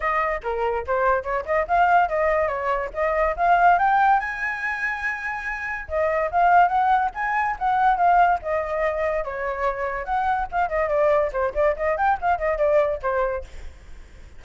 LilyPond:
\new Staff \with { instrumentName = "flute" } { \time 4/4 \tempo 4 = 143 dis''4 ais'4 c''4 cis''8 dis''8 | f''4 dis''4 cis''4 dis''4 | f''4 g''4 gis''2~ | gis''2 dis''4 f''4 |
fis''4 gis''4 fis''4 f''4 | dis''2 cis''2 | fis''4 f''8 dis''8 d''4 c''8 d''8 | dis''8 g''8 f''8 dis''8 d''4 c''4 | }